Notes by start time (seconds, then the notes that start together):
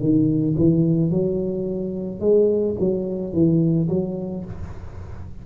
0.00 D#3
0.59 E3
1.11 F#3
2.21 G#3
2.80 F#3
3.34 E3
3.89 F#3